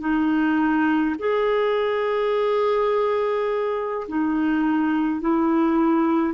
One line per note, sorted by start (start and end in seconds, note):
0.00 1.15 D#4
1.19 4.08 G#4
4.08 5.21 D#4
5.21 6.34 E4